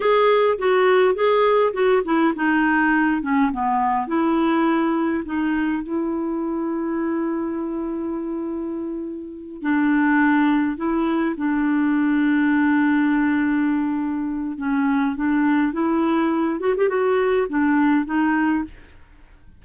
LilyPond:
\new Staff \with { instrumentName = "clarinet" } { \time 4/4 \tempo 4 = 103 gis'4 fis'4 gis'4 fis'8 e'8 | dis'4. cis'8 b4 e'4~ | e'4 dis'4 e'2~ | e'1~ |
e'8 d'2 e'4 d'8~ | d'1~ | d'4 cis'4 d'4 e'4~ | e'8 fis'16 g'16 fis'4 d'4 dis'4 | }